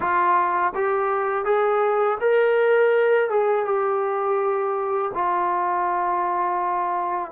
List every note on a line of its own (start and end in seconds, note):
0.00 0.73 F4
0.75 1.44 G4
1.44 2.18 G#4
2.20 3.30 A#4
3.30 3.65 G#4
3.65 5.11 G4
5.14 7.31 F4